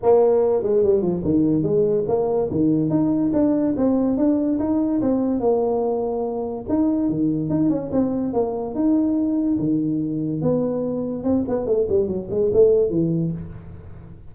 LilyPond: \new Staff \with { instrumentName = "tuba" } { \time 4/4 \tempo 4 = 144 ais4. gis8 g8 f8 dis4 | gis4 ais4 dis4 dis'4 | d'4 c'4 d'4 dis'4 | c'4 ais2. |
dis'4 dis4 dis'8 cis'8 c'4 | ais4 dis'2 dis4~ | dis4 b2 c'8 b8 | a8 g8 fis8 gis8 a4 e4 | }